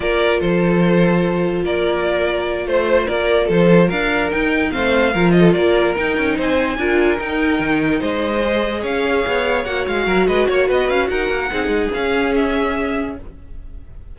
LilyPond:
<<
  \new Staff \with { instrumentName = "violin" } { \time 4/4 \tempo 4 = 146 d''4 c''2. | d''2~ d''8 c''4 d''8~ | d''8 c''4 f''4 g''4 f''8~ | f''4 dis''8 d''4 g''4 gis''8~ |
gis''4. g''2 dis''8~ | dis''4. f''2 fis''8 | f''4 dis''8 cis''8 dis''8 f''8 fis''4~ | fis''4 f''4 e''2 | }
  \new Staff \with { instrumentName = "violin" } { \time 4/4 ais'4 a'2. | ais'2~ ais'8 c''4 ais'8~ | ais'8 a'4 ais'2 c''8~ | c''8 ais'8 a'8 ais'2 c''8~ |
c''8 ais'2. c''8~ | c''4. cis''2~ cis''8~ | cis''8 ais'8 b'8 cis''8 b'4 ais'4 | gis'1 | }
  \new Staff \with { instrumentName = "viola" } { \time 4/4 f'1~ | f'1~ | f'2~ f'8 dis'4 c'8~ | c'8 f'2 dis'4.~ |
dis'8 f'4 dis'2~ dis'8~ | dis'8 gis'2. fis'8~ | fis'1 | dis'4 cis'2. | }
  \new Staff \with { instrumentName = "cello" } { \time 4/4 ais4 f2. | ais2~ ais8 a4 ais8~ | ais8 f4 d'4 dis'4 a8~ | a8 f4 ais4 dis'8 cis'8 c'8~ |
c'8 d'4 dis'4 dis4 gis8~ | gis4. cis'4 b4 ais8 | gis8 fis8 gis8 ais8 b8 cis'8 dis'8 ais8 | c'8 gis8 cis'2. | }
>>